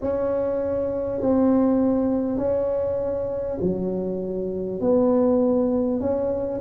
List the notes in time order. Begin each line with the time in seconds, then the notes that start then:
0.01 C#4
1.20 C4
2.37 C#4
3.60 F#3
4.80 B3
6.00 C#4